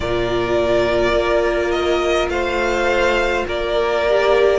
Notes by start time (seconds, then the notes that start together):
0.00 A#2 F4 A#4 D5
1.13 A#3
1.71 D#5
2.28 A3 C5 F5
3.47 A#3 A#4 D5
4.08 G4